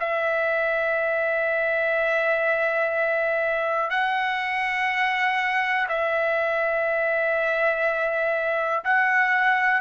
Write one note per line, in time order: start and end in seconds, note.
0.00 3.90 E5
3.90 5.87 F#5
5.89 8.84 E5
8.85 9.81 F#5